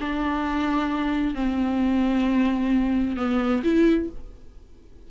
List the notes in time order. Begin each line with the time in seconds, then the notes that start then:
0.00 D4
1.35 C4
3.17 B3
3.63 E4